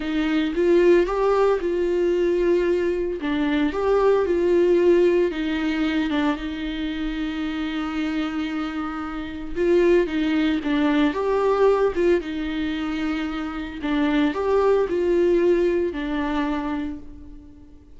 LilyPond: \new Staff \with { instrumentName = "viola" } { \time 4/4 \tempo 4 = 113 dis'4 f'4 g'4 f'4~ | f'2 d'4 g'4 | f'2 dis'4. d'8 | dis'1~ |
dis'2 f'4 dis'4 | d'4 g'4. f'8 dis'4~ | dis'2 d'4 g'4 | f'2 d'2 | }